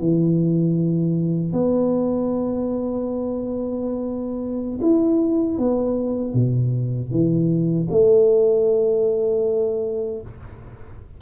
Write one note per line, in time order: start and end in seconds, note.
0.00 1.53 E3
1.53 4.80 B3
4.82 5.58 E4
5.58 6.34 B3
6.34 7.11 B2
7.11 7.88 E3
7.91 10.22 A3